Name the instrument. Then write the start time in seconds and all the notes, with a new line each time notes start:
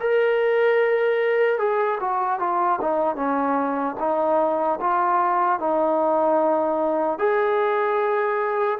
trombone
0.00 A#4
1.59 G#4
2.00 F#4
2.39 F4
2.81 D#4
3.16 C#4
3.99 D#4
4.80 F4
5.59 D#4
7.19 G#4